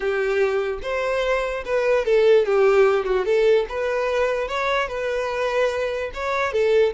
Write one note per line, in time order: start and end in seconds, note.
0.00 0.79 G4
0.82 1.63 C5
1.65 2.05 B4
2.05 2.45 A4
2.45 3.05 G4
3.05 3.25 F#4
3.25 3.65 A4
3.68 4.48 B4
4.48 4.88 C#5
4.88 6.10 B4
6.14 6.52 C#5
6.52 6.93 A4